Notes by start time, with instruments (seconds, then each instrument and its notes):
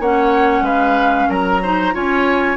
0.00 bassoon A#3, clarinet C#4, oboe C#5, flute F#5
0.61 bassoon G#3, oboe B4, flute F5
1.30 bassoon F#3, oboe A#4, flute A#5
1.63 clarinet D#4, oboe C5
1.93 bassoon C#4, clarinet F4, oboe C#5, flute G#5